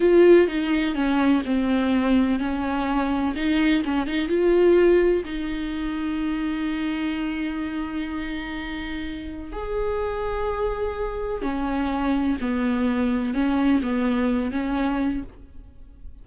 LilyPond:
\new Staff \with { instrumentName = "viola" } { \time 4/4 \tempo 4 = 126 f'4 dis'4 cis'4 c'4~ | c'4 cis'2 dis'4 | cis'8 dis'8 f'2 dis'4~ | dis'1~ |
dis'1 | gis'1 | cis'2 b2 | cis'4 b4. cis'4. | }